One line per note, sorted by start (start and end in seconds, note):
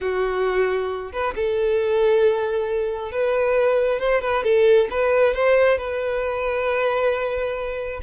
0.00 1.12 F#4
1.12 1.34 B4
1.35 3.11 A4
3.11 3.99 B4
3.99 4.21 C5
4.21 4.43 B4
4.43 4.88 A4
4.90 5.33 B4
5.33 5.78 C5
5.78 8.00 B4